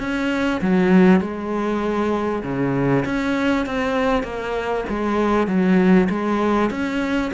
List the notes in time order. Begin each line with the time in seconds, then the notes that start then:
0.00 C#4
0.62 F#3
1.21 G#3
2.44 C#3
3.06 C#4
3.66 C4
4.24 A#3
4.90 G#3
5.48 F#3
6.10 G#3
6.71 C#4